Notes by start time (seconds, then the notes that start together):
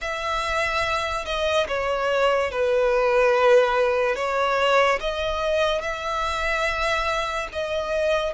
0.01 E5
1.25 D#5
1.67 C#5
2.51 B4
4.15 C#5
5.00 D#5
5.81 E5
7.52 D#5